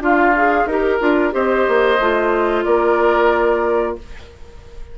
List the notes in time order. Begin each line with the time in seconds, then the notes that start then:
0.00 D4 F4 F5
0.36 G#4
0.66 D#4 G4 A#4
0.73 A#4
1.00 D4 F4
1.32 C4 G4 C5 D#5
1.68 A#3
2.00 A3 F4
2.64 A#3 A#4 D5